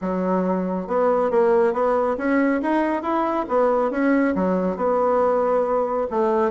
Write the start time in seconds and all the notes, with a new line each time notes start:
0.01 F#3
0.87 B3
1.30 A#3
1.73 B3
2.17 C#4
2.62 D#4
3.02 E4
3.48 B3
3.91 C#4
4.35 F#3
4.76 B3
6.10 A3